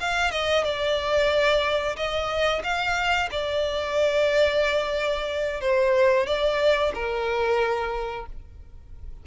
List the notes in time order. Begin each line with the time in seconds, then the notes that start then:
0.00 F5
0.31 D#5
0.64 D5
1.96 D#5
2.63 F5
3.31 D5
5.61 C5
6.26 D5
6.94 A#4